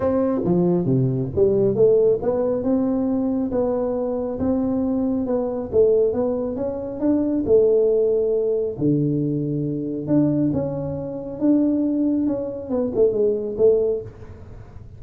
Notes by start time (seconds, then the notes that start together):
0.00 C4
0.44 F3
0.85 C3
1.35 G3
1.75 A3
2.21 B3
2.63 C4
3.51 B3
4.39 C4
5.26 B3
5.72 A3
6.13 B3
6.56 C#4
7.00 D4
7.46 A3
8.78 D3
10.07 D4
10.53 C#4
11.39 D4
12.26 C#4
12.70 B3
12.95 A3
13.12 G#3
13.57 A3